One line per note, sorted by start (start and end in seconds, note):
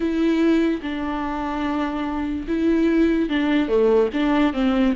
0.00 0.80 E4
0.82 2.46 D4
2.47 3.29 E4
3.29 3.68 D4
3.68 4.09 A3
4.13 4.53 D4
4.53 4.94 C4